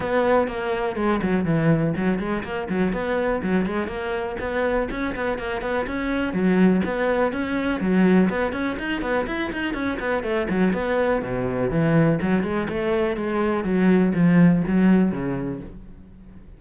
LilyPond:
\new Staff \with { instrumentName = "cello" } { \time 4/4 \tempo 4 = 123 b4 ais4 gis8 fis8 e4 | fis8 gis8 ais8 fis8 b4 fis8 gis8 | ais4 b4 cis'8 b8 ais8 b8 | cis'4 fis4 b4 cis'4 |
fis4 b8 cis'8 dis'8 b8 e'8 dis'8 | cis'8 b8 a8 fis8 b4 b,4 | e4 fis8 gis8 a4 gis4 | fis4 f4 fis4 cis4 | }